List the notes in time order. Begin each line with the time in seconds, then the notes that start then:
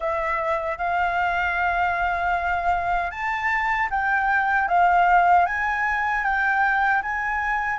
0.00 E5
0.78 F5
3.10 A5
3.90 G5
4.68 F5
5.46 G#5
6.24 G5
7.02 G#5